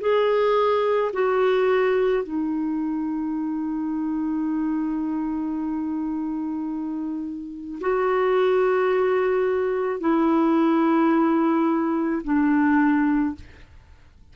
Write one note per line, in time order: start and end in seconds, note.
0.00 1.11 G#4
1.13 2.23 F#4
2.23 7.79 D#4
7.80 10.00 F#4
10.00 12.22 E4
12.24 13.35 D4